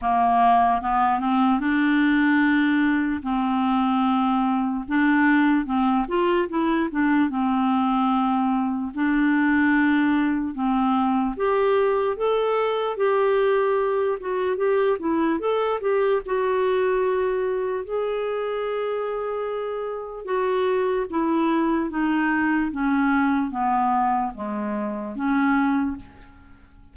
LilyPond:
\new Staff \with { instrumentName = "clarinet" } { \time 4/4 \tempo 4 = 74 ais4 b8 c'8 d'2 | c'2 d'4 c'8 f'8 | e'8 d'8 c'2 d'4~ | d'4 c'4 g'4 a'4 |
g'4. fis'8 g'8 e'8 a'8 g'8 | fis'2 gis'2~ | gis'4 fis'4 e'4 dis'4 | cis'4 b4 gis4 cis'4 | }